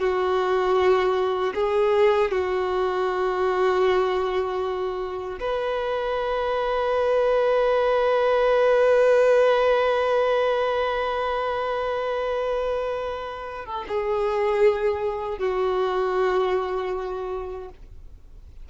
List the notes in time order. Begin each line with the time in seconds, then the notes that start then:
0.00 F#4
1.55 G#4
2.31 F#4
5.40 B4
13.66 A4
13.88 G#4
15.39 F#4